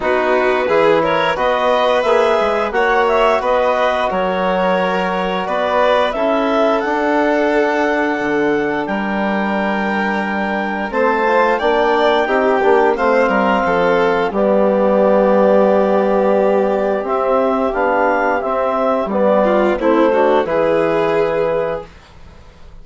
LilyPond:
<<
  \new Staff \with { instrumentName = "clarinet" } { \time 4/4 \tempo 4 = 88 b'4. cis''8 dis''4 e''4 | fis''8 e''8 dis''4 cis''2 | d''4 e''4 fis''2~ | fis''4 g''2. |
a''4 g''2 f''4~ | f''4 d''2.~ | d''4 e''4 f''4 e''4 | d''4 c''4 b'2 | }
  \new Staff \with { instrumentName = "violin" } { \time 4/4 fis'4 gis'8 ais'8 b'2 | cis''4 b'4 ais'2 | b'4 a'2.~ | a'4 ais'2. |
c''4 d''4 g'4 c''8 ais'8 | a'4 g'2.~ | g'1~ | g'8 f'8 e'8 fis'8 gis'2 | }
  \new Staff \with { instrumentName = "trombone" } { \time 4/4 dis'4 e'4 fis'4 gis'4 | fis'1~ | fis'4 e'4 d'2~ | d'1 |
c'8 f'8 d'4 dis'8 d'8 c'4~ | c'4 b2.~ | b4 c'4 d'4 c'4 | b4 c'8 d'8 e'2 | }
  \new Staff \with { instrumentName = "bassoon" } { \time 4/4 b4 e4 b4 ais8 gis8 | ais4 b4 fis2 | b4 cis'4 d'2 | d4 g2. |
a4 ais4 c'8 ais8 a8 g8 | f4 g2.~ | g4 c'4 b4 c'4 | g4 a4 e2 | }
>>